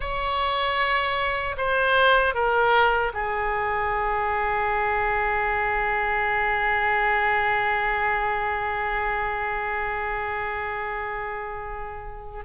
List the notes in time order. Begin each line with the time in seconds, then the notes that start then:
0.00 C#5
1.57 C5
2.34 A#4
3.13 G#4